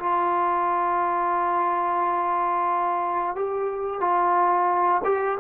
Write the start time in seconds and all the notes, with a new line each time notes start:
0.00 F4
3.36 G4
4.01 F4
5.05 G4